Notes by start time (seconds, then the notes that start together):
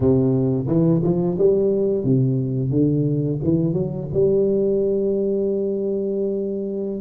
0.00 C3
0.67 E3
1.03 F3
1.38 G3
2.04 C3
2.70 D3
3.43 E3
3.73 F#3
4.13 G3